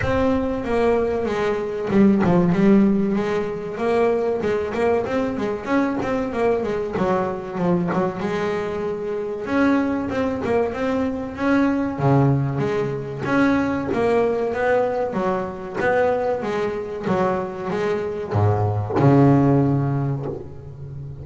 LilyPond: \new Staff \with { instrumentName = "double bass" } { \time 4/4 \tempo 4 = 95 c'4 ais4 gis4 g8 f8 | g4 gis4 ais4 gis8 ais8 | c'8 gis8 cis'8 c'8 ais8 gis8 fis4 | f8 fis8 gis2 cis'4 |
c'8 ais8 c'4 cis'4 cis4 | gis4 cis'4 ais4 b4 | fis4 b4 gis4 fis4 | gis4 gis,4 cis2 | }